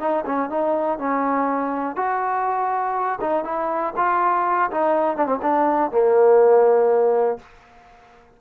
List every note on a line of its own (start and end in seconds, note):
0.00 0.25 D#4
0.26 0.50 C#4
0.50 0.99 D#4
0.99 1.96 C#4
1.96 3.19 F#4
3.21 3.45 D#4
3.45 3.94 E4
3.97 4.71 F4
4.71 5.17 D#4
5.17 5.27 D4
5.27 5.39 C4
5.43 5.92 D4
5.92 7.39 A#3